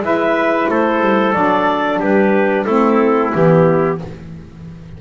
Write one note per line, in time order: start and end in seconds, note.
0.00 0.66 G#3
0.00 1.34 E4
0.00 0.70 B4
0.00 0.70 E5
0.69 1.00 A3
0.69 2.00 A4
0.69 1.34 C5
1.00 1.33 G3
1.34 1.99 F#3
1.34 2.67 D4
1.34 1.99 D5
1.99 2.65 G3
1.99 2.66 G4
1.99 2.65 B4
2.65 3.33 A3
2.65 3.33 C4
2.65 3.98 E4
2.65 3.31 A4
3.33 4.01 E3
3.33 4.00 B3
3.33 3.98 G4